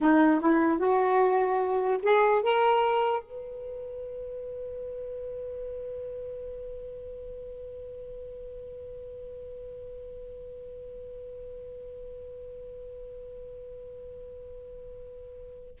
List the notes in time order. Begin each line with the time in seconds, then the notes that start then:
0.00 D#4
0.40 E4
0.79 F#4
2.02 G#4
2.42 A#4
3.22 B4